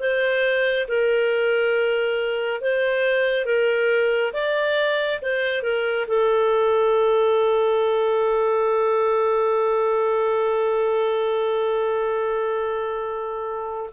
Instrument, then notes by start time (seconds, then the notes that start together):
clarinet
0.00 C5
0.88 A#4
2.61 C5
3.45 A#4
4.33 D5
5.22 C5
5.63 A#4
6.08 A4